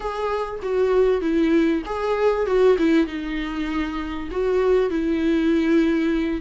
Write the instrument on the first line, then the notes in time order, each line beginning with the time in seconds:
viola
0.00 G#4
0.62 F#4
1.21 E4
1.85 G#4
2.46 F#4
2.78 E4
3.06 D#4
4.31 F#4
4.90 E4